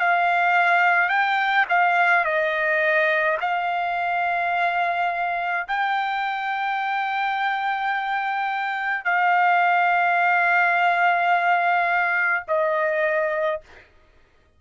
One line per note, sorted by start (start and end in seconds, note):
0.00 1.10 F5
1.10 1.66 G5
1.70 2.25 F5
2.25 3.39 D#5
3.41 5.68 F5
5.69 9.05 G5
9.05 12.45 F5
12.48 13.62 D#5